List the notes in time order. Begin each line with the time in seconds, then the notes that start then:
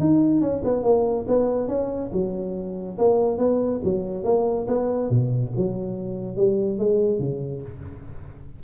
0.00 D#4
0.41 C#4
0.64 B3
0.83 A#3
1.28 B3
1.68 C#4
2.13 F#3
2.98 A#3
3.38 B3
3.84 F#3
4.24 A#3
4.67 B3
5.10 B2
5.57 F#3
6.37 G3
6.79 G#3
7.19 C#3